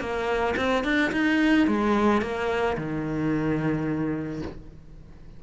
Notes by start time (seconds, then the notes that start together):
0.00 A#3
0.57 C4
0.84 D4
1.12 D#4
1.67 G#3
2.22 A#3
2.77 D#3